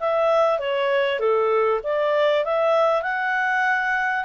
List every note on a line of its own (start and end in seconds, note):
0.00 0.59 E5
0.59 1.19 C#5
1.19 1.81 A4
1.83 2.45 D5
2.45 3.02 E5
3.02 4.25 F#5